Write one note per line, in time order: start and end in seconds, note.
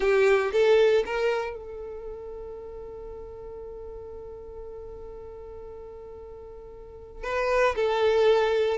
0.00 0.51 G4
0.52 1.04 A4
1.05 1.56 A#4
1.56 7.23 A4
7.23 7.75 B4
7.75 8.77 A4